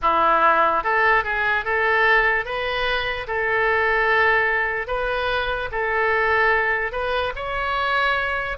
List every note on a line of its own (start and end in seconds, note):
0.02 0.83 E4
0.83 1.24 A4
1.24 1.64 G#4
1.64 2.45 A4
2.45 3.27 B4
3.27 4.87 A4
4.87 5.69 B4
5.71 6.91 A4
6.91 7.32 B4
7.35 8.57 C#5